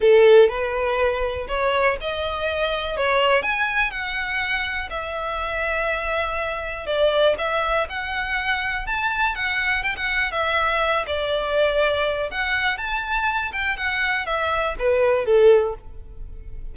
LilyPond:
\new Staff \with { instrumentName = "violin" } { \time 4/4 \tempo 4 = 122 a'4 b'2 cis''4 | dis''2 cis''4 gis''4 | fis''2 e''2~ | e''2 d''4 e''4 |
fis''2 a''4 fis''4 | g''16 fis''8. e''4. d''4.~ | d''4 fis''4 a''4. g''8 | fis''4 e''4 b'4 a'4 | }